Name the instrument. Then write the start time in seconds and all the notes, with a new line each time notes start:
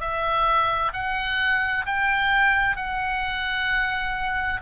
oboe
0.00 E5
0.93 F#5
1.86 G5
2.77 F#5